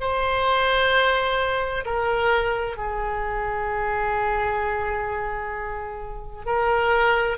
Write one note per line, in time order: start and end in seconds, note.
0.00 1.85 C5
1.85 2.77 A#4
2.77 6.45 G#4
6.45 7.37 A#4